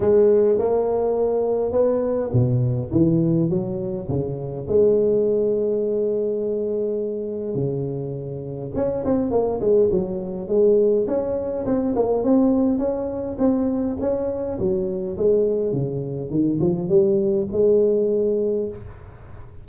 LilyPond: \new Staff \with { instrumentName = "tuba" } { \time 4/4 \tempo 4 = 103 gis4 ais2 b4 | b,4 e4 fis4 cis4 | gis1~ | gis4 cis2 cis'8 c'8 |
ais8 gis8 fis4 gis4 cis'4 | c'8 ais8 c'4 cis'4 c'4 | cis'4 fis4 gis4 cis4 | dis8 f8 g4 gis2 | }